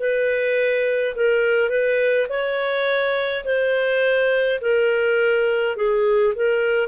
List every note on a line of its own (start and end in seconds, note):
0.00 1.15 B4
1.15 1.69 A#4
1.69 2.27 B4
2.29 3.45 C#5
3.45 4.60 C5
4.61 5.76 A#4
5.76 6.34 G#4
6.35 6.88 A#4